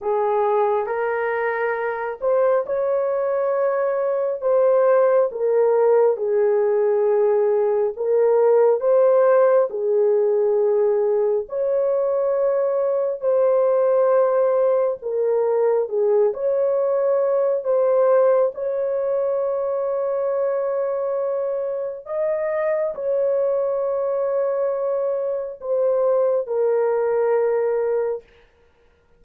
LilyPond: \new Staff \with { instrumentName = "horn" } { \time 4/4 \tempo 4 = 68 gis'4 ais'4. c''8 cis''4~ | cis''4 c''4 ais'4 gis'4~ | gis'4 ais'4 c''4 gis'4~ | gis'4 cis''2 c''4~ |
c''4 ais'4 gis'8 cis''4. | c''4 cis''2.~ | cis''4 dis''4 cis''2~ | cis''4 c''4 ais'2 | }